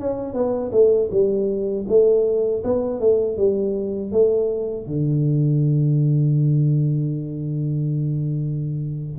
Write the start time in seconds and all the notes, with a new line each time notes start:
0.00 C#4
0.34 B3
0.72 A3
1.11 G3
1.89 A3
2.64 B3
3.00 A3
3.37 G3
4.12 A3
4.87 D3